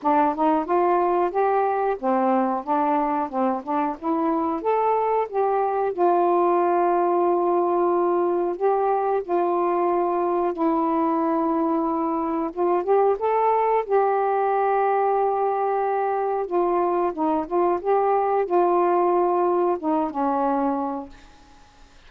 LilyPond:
\new Staff \with { instrumentName = "saxophone" } { \time 4/4 \tempo 4 = 91 d'8 dis'8 f'4 g'4 c'4 | d'4 c'8 d'8 e'4 a'4 | g'4 f'2.~ | f'4 g'4 f'2 |
e'2. f'8 g'8 | a'4 g'2.~ | g'4 f'4 dis'8 f'8 g'4 | f'2 dis'8 cis'4. | }